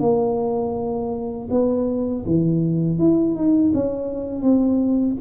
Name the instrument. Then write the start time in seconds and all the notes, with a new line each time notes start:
tuba
0.00 A#3
1.51 B3
2.25 E3
2.98 E4
3.35 D#4
3.74 C#4
4.42 C4